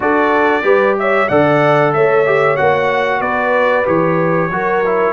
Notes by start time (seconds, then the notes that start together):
0.00 D4 F#4 A4 D5
0.62 G3 G4 B4
0.98 C#5 E5
1.28 D3 A4 D5 F#5
1.93 A3 C#5 E5
2.26 G4
2.56 A#3 F#4 F#5
3.20 B3 B4 D5
3.85 E3 G4 C#5
4.49 F#3 F#4 A#4
4.85 E4